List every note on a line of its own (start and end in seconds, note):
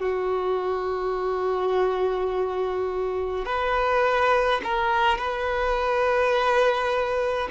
0.00 3.46 F#4
3.46 4.61 B4
4.64 5.18 A#4
5.18 7.49 B4